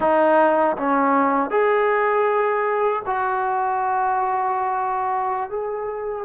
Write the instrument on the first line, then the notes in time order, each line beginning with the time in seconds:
trombone
0.00 D#4
0.77 C#4
1.50 G#4
3.06 F#4
5.50 G#4